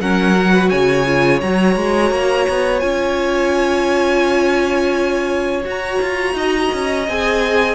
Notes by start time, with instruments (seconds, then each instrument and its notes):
0.00 cello F#3, viola C#4, violin A#4 F#5
0.35 viola F#4
0.54 violin B4
0.69 cello C#3, violin C#5 G#5
1.05 viola F4
1.41 cello F#3, viola F#4, violin A#5
1.76 cello G#3
2.11 cello A#3
2.49 cello B3
2.80 cello C#4, viola F4, violin G#5
5.64 viola F#4, cello F#4, violin A#5
6.01 cello F4
6.34 cello D#4, violin D#5
6.73 cello C#4
7.08 cello C4, viola G#4, violin G#5